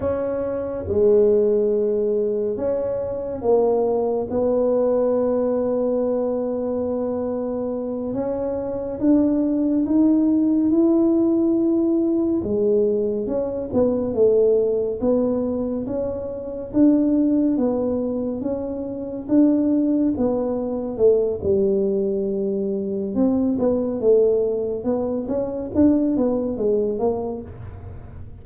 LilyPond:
\new Staff \with { instrumentName = "tuba" } { \time 4/4 \tempo 4 = 70 cis'4 gis2 cis'4 | ais4 b2.~ | b4. cis'4 d'4 dis'8~ | dis'8 e'2 gis4 cis'8 |
b8 a4 b4 cis'4 d'8~ | d'8 b4 cis'4 d'4 b8~ | b8 a8 g2 c'8 b8 | a4 b8 cis'8 d'8 b8 gis8 ais8 | }